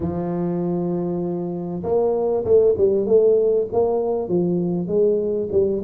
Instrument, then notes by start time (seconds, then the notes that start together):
tuba
0.00 F3
1.83 A#3
2.44 A3
2.77 G3
3.06 A3
3.72 A#3
4.28 F3
4.87 G#3
5.51 G3